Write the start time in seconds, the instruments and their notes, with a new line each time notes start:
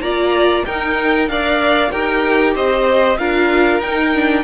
0.00 cello A#3, viola F4, violin D5 A#5
0.66 cello D#4, viola D#4, violin A#4 G5
1.28 cello D4, viola A#4, violin D5 F5
1.91 cello D#4, viola G4, violin A#4 G5
2.55 cello C4, violin C5 D#5
3.18 cello D4, viola F4, violin A#4 F5
3.80 cello D#4, viola D#4, violin G5
4.14 viola D4